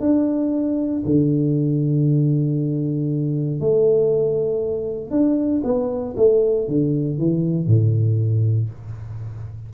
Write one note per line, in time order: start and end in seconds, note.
0.00 1.03 D4
1.05 3.60 D3
3.60 5.10 A3
5.10 5.62 D4
5.63 6.15 B3
6.16 6.67 A3
6.67 7.18 D3
7.18 7.66 E3
7.66 8.69 A2